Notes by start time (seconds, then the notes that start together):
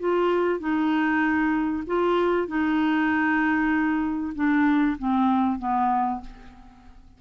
0.00 F4
0.60 D#4
1.87 F4
2.48 D#4
4.36 D4
4.99 C4
5.59 B3